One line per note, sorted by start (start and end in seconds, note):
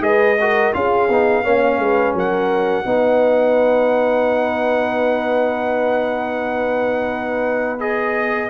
0.00 0.72 G#3
0.00 0.35 G#4
0.00 0.39 B4
0.00 0.73 D#5
0.40 0.73 F#4
0.40 0.75 A#4
0.73 1.08 C#4
0.73 1.08 F4
0.73 1.43 G#4
0.73 2.15 F5
1.08 1.44 B3
1.08 1.43 D#4
1.43 1.78 A#3
1.43 2.84 C#4
1.43 1.79 C#5
1.78 2.13 G#3
1.78 2.15 B4
2.14 2.84 F#3
2.14 2.85 A#4
2.14 7.80 F#5
2.84 8.49 B3
2.84 7.79 D#4
2.84 8.49 B4
7.79 8.49 G#4
7.79 8.49 D#5